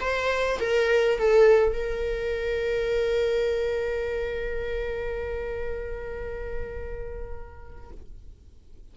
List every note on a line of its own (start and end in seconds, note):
0.00 0.59 C5
0.59 1.18 A#4
1.18 1.73 A4
1.73 7.90 A#4